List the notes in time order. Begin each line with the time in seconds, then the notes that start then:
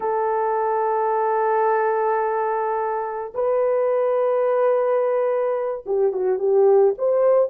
0.00 A4
3.34 B4
5.85 G4
6.12 F#4
6.38 G4
6.98 C5